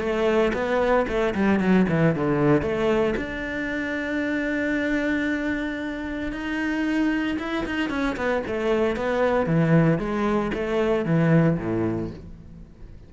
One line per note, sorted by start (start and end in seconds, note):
0.00 0.53 A3
0.54 1.06 B3
1.08 1.34 A3
1.35 1.60 G3
1.60 1.86 F#3
1.89 2.16 E3
2.16 2.62 D3
2.62 3.15 A3
3.17 6.33 D4
6.33 7.38 D#4
7.39 7.66 E4
7.66 7.90 D#4
7.90 8.17 C#4
8.17 8.43 B3
8.47 8.96 A3
8.96 9.46 B3
9.46 9.99 E3
9.99 10.52 G#3
10.54 11.06 A3
11.06 11.58 E3
11.58 12.11 A2